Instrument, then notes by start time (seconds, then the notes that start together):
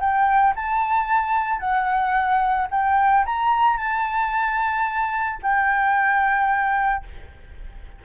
flute
0.00 G5
0.56 A5
1.60 F#5
2.71 G5
3.26 A#5
3.77 A5
5.42 G5